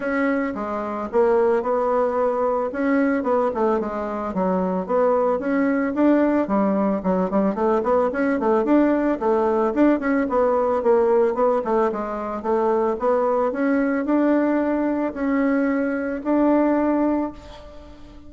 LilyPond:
\new Staff \with { instrumentName = "bassoon" } { \time 4/4 \tempo 4 = 111 cis'4 gis4 ais4 b4~ | b4 cis'4 b8 a8 gis4 | fis4 b4 cis'4 d'4 | g4 fis8 g8 a8 b8 cis'8 a8 |
d'4 a4 d'8 cis'8 b4 | ais4 b8 a8 gis4 a4 | b4 cis'4 d'2 | cis'2 d'2 | }